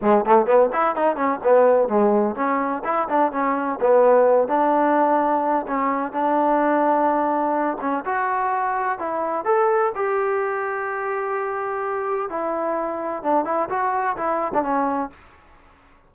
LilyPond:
\new Staff \with { instrumentName = "trombone" } { \time 4/4 \tempo 4 = 127 gis8 a8 b8 e'8 dis'8 cis'8 b4 | gis4 cis'4 e'8 d'8 cis'4 | b4. d'2~ d'8 | cis'4 d'2.~ |
d'8 cis'8 fis'2 e'4 | a'4 g'2.~ | g'2 e'2 | d'8 e'8 fis'4 e'8. d'16 cis'4 | }